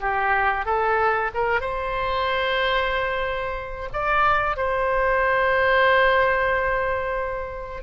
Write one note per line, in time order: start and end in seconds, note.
0.00 0.65 G4
0.65 1.30 A4
1.34 1.61 A#4
1.61 3.89 C5
3.93 4.57 D5
4.57 7.83 C5